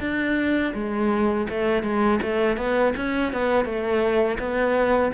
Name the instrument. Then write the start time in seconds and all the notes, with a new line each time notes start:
cello
0.00 D4
0.74 G#3
1.49 A3
1.83 G#3
2.22 A3
2.57 B3
2.96 C#4
3.33 B3
3.65 A3
4.39 B3